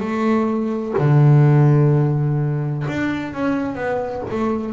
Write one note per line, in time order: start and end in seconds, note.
0.00 0.94 A3
0.98 2.86 D3
2.88 3.34 D4
3.34 3.75 C#4
3.75 4.22 B3
4.31 4.73 A3